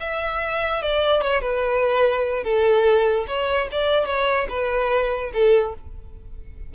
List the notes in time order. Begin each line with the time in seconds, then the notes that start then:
0.00 E5
0.82 D5
1.21 C#5
1.41 B4
2.44 A4
3.27 C#5
3.72 D5
4.06 C#5
4.49 B4
5.33 A4